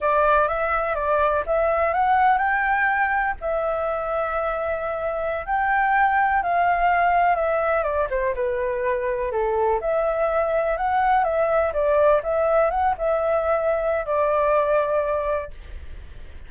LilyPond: \new Staff \with { instrumentName = "flute" } { \time 4/4 \tempo 4 = 124 d''4 e''4 d''4 e''4 | fis''4 g''2 e''4~ | e''2.~ e''16 g''8.~ | g''4~ g''16 f''2 e''8.~ |
e''16 d''8 c''8 b'2 a'8.~ | a'16 e''2 fis''4 e''8.~ | e''16 d''4 e''4 fis''8 e''4~ e''16~ | e''4 d''2. | }